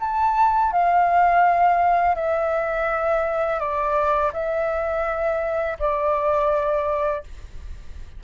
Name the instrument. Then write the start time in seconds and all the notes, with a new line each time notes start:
flute
0.00 A5
0.72 F5
2.15 E5
3.59 D5
4.33 E5
5.79 D5